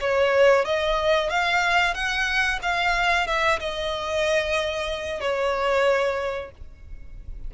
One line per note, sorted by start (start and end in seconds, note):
0.00 0.65 C#5
0.65 1.30 D#5
1.30 1.94 F5
1.94 2.59 F#5
2.62 3.27 F5
3.27 3.59 E5
3.60 5.20 D#5
5.20 6.51 C#5